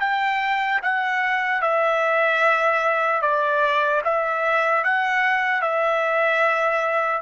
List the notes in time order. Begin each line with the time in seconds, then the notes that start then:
0.00 G5
0.82 F#5
1.61 E5
3.21 D5
4.04 E5
4.84 F#5
5.61 E5